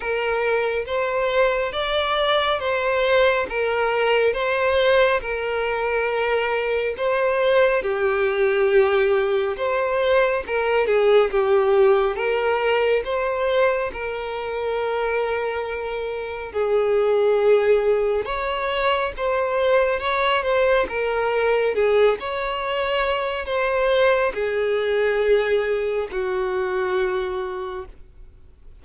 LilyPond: \new Staff \with { instrumentName = "violin" } { \time 4/4 \tempo 4 = 69 ais'4 c''4 d''4 c''4 | ais'4 c''4 ais'2 | c''4 g'2 c''4 | ais'8 gis'8 g'4 ais'4 c''4 |
ais'2. gis'4~ | gis'4 cis''4 c''4 cis''8 c''8 | ais'4 gis'8 cis''4. c''4 | gis'2 fis'2 | }